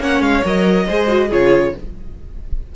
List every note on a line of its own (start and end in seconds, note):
0.00 0.21 A#3
0.00 0.43 C#4
0.00 0.86 C#5
0.00 0.22 F#5
0.21 0.42 G#3
0.21 0.43 F5
0.44 0.88 F#3
0.44 0.87 A#4
0.44 1.32 D#5
0.86 1.32 G#3
0.86 1.07 G#4
0.86 1.28 C5
1.07 1.29 F#4
1.28 1.75 C#3
1.28 1.74 F4
1.28 1.71 G#4
1.28 1.75 C#5